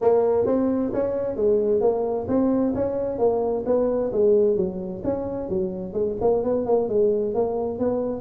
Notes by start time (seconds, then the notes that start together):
0.01 A#3
0.46 C4
0.93 C#4
1.36 G#3
1.80 A#3
2.28 C4
2.75 C#4
3.18 A#3
3.65 B3
4.12 G#3
4.56 F#3
5.03 C#4
5.49 F#3
5.93 G#3
6.20 A#3
6.43 B3
6.65 A#3
6.88 G#3
7.34 A#3
7.78 B3